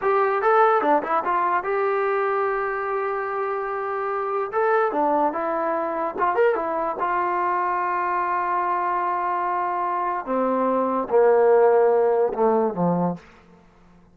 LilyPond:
\new Staff \with { instrumentName = "trombone" } { \time 4/4 \tempo 4 = 146 g'4 a'4 d'8 e'8 f'4 | g'1~ | g'2. a'4 | d'4 e'2 f'8 ais'8 |
e'4 f'2.~ | f'1~ | f'4 c'2 ais4~ | ais2 a4 f4 | }